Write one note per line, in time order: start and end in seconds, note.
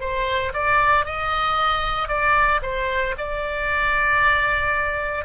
0.00 0.53 C5
0.53 1.05 D5
1.05 2.08 D#5
2.08 2.61 D5
2.62 3.15 C5
3.18 5.25 D5